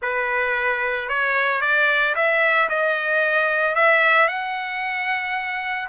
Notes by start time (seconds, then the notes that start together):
0.01 B4
1.09 C#5
1.61 D5
2.15 E5
2.69 D#5
3.75 E5
4.27 F#5